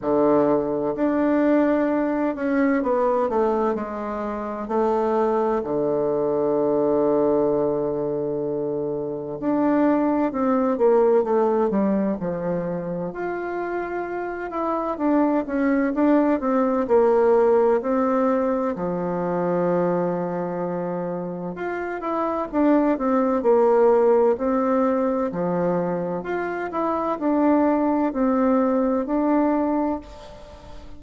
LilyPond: \new Staff \with { instrumentName = "bassoon" } { \time 4/4 \tempo 4 = 64 d4 d'4. cis'8 b8 a8 | gis4 a4 d2~ | d2 d'4 c'8 ais8 | a8 g8 f4 f'4. e'8 |
d'8 cis'8 d'8 c'8 ais4 c'4 | f2. f'8 e'8 | d'8 c'8 ais4 c'4 f4 | f'8 e'8 d'4 c'4 d'4 | }